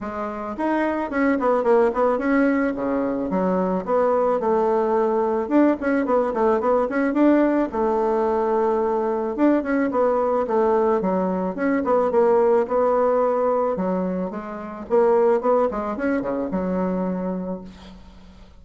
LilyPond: \new Staff \with { instrumentName = "bassoon" } { \time 4/4 \tempo 4 = 109 gis4 dis'4 cis'8 b8 ais8 b8 | cis'4 cis4 fis4 b4 | a2 d'8 cis'8 b8 a8 | b8 cis'8 d'4 a2~ |
a4 d'8 cis'8 b4 a4 | fis4 cis'8 b8 ais4 b4~ | b4 fis4 gis4 ais4 | b8 gis8 cis'8 cis8 fis2 | }